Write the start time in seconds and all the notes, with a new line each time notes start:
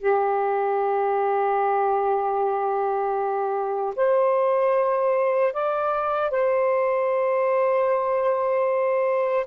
0.00 G4
3.96 C5
5.54 D5
6.31 C5